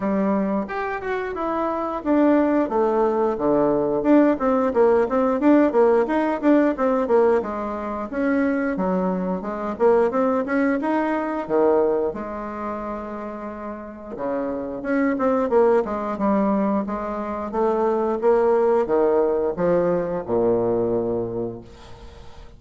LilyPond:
\new Staff \with { instrumentName = "bassoon" } { \time 4/4 \tempo 4 = 89 g4 g'8 fis'8 e'4 d'4 | a4 d4 d'8 c'8 ais8 c'8 | d'8 ais8 dis'8 d'8 c'8 ais8 gis4 | cis'4 fis4 gis8 ais8 c'8 cis'8 |
dis'4 dis4 gis2~ | gis4 cis4 cis'8 c'8 ais8 gis8 | g4 gis4 a4 ais4 | dis4 f4 ais,2 | }